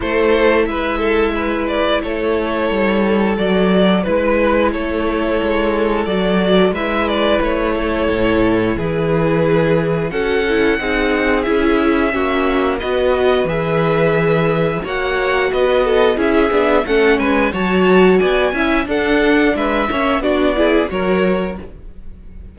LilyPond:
<<
  \new Staff \with { instrumentName = "violin" } { \time 4/4 \tempo 4 = 89 c''4 e''4. d''8 cis''4~ | cis''4 d''4 b'4 cis''4~ | cis''4 d''4 e''8 d''8 cis''4~ | cis''4 b'2 fis''4~ |
fis''4 e''2 dis''4 | e''2 fis''4 dis''4 | e''4 fis''8 gis''8 a''4 gis''4 | fis''4 e''4 d''4 cis''4 | }
  \new Staff \with { instrumentName = "violin" } { \time 4/4 a'4 b'8 a'8 b'4 a'4~ | a'2 b'4 a'4~ | a'2 b'4. a'8~ | a'4 gis'2 a'4 |
gis'2 fis'4 b'4~ | b'2 cis''4 b'8 a'8 | gis'4 a'8 b'8 cis''4 d''8 e''8 | a'4 b'8 cis''8 fis'8 gis'8 ais'4 | }
  \new Staff \with { instrumentName = "viola" } { \time 4/4 e'1~ | e'4 fis'4 e'2~ | e'4 fis'4 e'2~ | e'2. fis'8 e'8 |
dis'4 e'4 cis'4 fis'4 | gis'2 fis'2 | e'8 d'8 cis'4 fis'4. e'8 | d'4. cis'8 d'8 e'8 fis'4 | }
  \new Staff \with { instrumentName = "cello" } { \time 4/4 a4 gis2 a4 | g4 fis4 gis4 a4 | gis4 fis4 gis4 a4 | a,4 e2 cis'4 |
c'4 cis'4 ais4 b4 | e2 ais4 b4 | cis'8 b8 a8 gis8 fis4 b8 cis'8 | d'4 gis8 ais8 b4 fis4 | }
>>